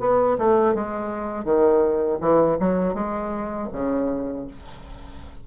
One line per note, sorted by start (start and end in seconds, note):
0.00 0.37 B3
0.39 0.75 A3
0.75 1.45 G#3
1.45 2.19 D#3
2.21 2.58 E3
2.60 2.95 F#3
2.95 3.69 G#3
3.73 4.47 C#3